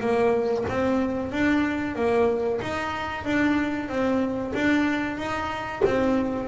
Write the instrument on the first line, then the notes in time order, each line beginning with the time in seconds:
double bass
0.00 A#3
0.69 C4
1.32 D4
1.95 A#3
2.61 D#4
3.24 D4
3.88 C4
4.54 D4
5.17 D#4
5.85 C4